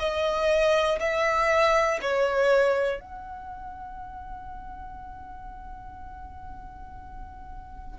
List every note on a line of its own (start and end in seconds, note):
0.00 1.00 D#5
1.00 2.00 E5
2.02 3.01 C#5
3.01 7.99 F#5